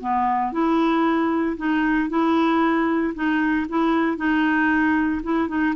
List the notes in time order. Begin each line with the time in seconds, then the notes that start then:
0.00 B3
0.52 E4
1.57 D#4
2.09 E4
3.14 D#4
3.69 E4
4.17 D#4
5.23 E4
5.48 D#4